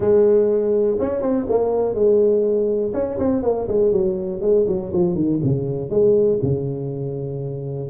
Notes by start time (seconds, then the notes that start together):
0.00 G#3
0.99 C#4
1.21 C4
1.49 A#3
1.94 G#3
2.93 C#4
3.18 C4
3.42 A#3
3.68 G#3
3.92 F#3
4.41 G#3
4.67 F#3
4.93 F3
5.14 D#3
5.43 C#3
5.89 G#3
6.42 C#3